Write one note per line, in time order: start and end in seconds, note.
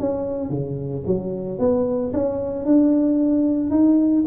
0.00 0.50 C#4
0.50 1.03 C#3
1.07 1.59 F#3
1.59 2.13 B3
2.14 2.66 C#4
2.66 3.71 D4
3.71 4.24 D#4